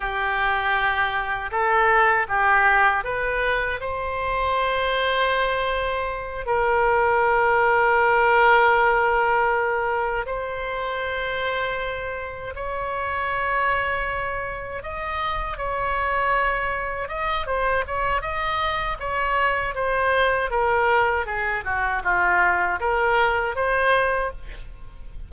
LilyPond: \new Staff \with { instrumentName = "oboe" } { \time 4/4 \tempo 4 = 79 g'2 a'4 g'4 | b'4 c''2.~ | c''8 ais'2.~ ais'8~ | ais'4. c''2~ c''8~ |
c''8 cis''2. dis''8~ | dis''8 cis''2 dis''8 c''8 cis''8 | dis''4 cis''4 c''4 ais'4 | gis'8 fis'8 f'4 ais'4 c''4 | }